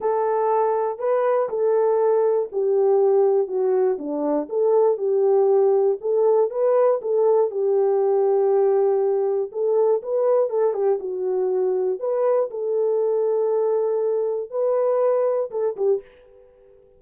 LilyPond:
\new Staff \with { instrumentName = "horn" } { \time 4/4 \tempo 4 = 120 a'2 b'4 a'4~ | a'4 g'2 fis'4 | d'4 a'4 g'2 | a'4 b'4 a'4 g'4~ |
g'2. a'4 | b'4 a'8 g'8 fis'2 | b'4 a'2.~ | a'4 b'2 a'8 g'8 | }